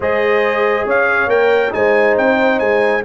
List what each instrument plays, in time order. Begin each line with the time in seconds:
0.00 tuba G#3, trombone G#4, horn C5, trumpet D#5
0.85 tuba C#4, horn C#5, trumpet F5
1.26 tuba A#3, trombone A#4, trumpet G5
1.70 tuba G#3, trombone D#4, horn C5, trumpet G#5
2.17 tuba C4, trumpet G5
2.59 tuba G#3, trumpet G#5